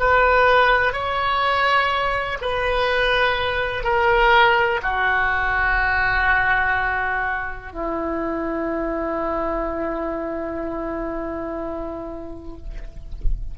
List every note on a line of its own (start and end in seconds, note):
0.00 0.93 B4
0.93 2.38 C#5
2.41 3.84 B4
3.84 4.81 A#4
4.83 7.73 F#4
7.73 12.57 E4